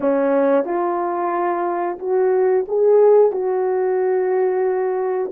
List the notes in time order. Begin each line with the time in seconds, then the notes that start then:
0.00 C#4
0.65 F4
1.98 F#4
2.68 G#4
3.31 F#4